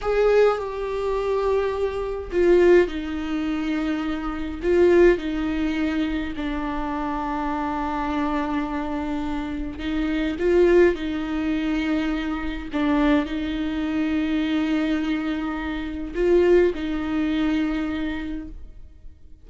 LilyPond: \new Staff \with { instrumentName = "viola" } { \time 4/4 \tempo 4 = 104 gis'4 g'2. | f'4 dis'2. | f'4 dis'2 d'4~ | d'1~ |
d'4 dis'4 f'4 dis'4~ | dis'2 d'4 dis'4~ | dis'1 | f'4 dis'2. | }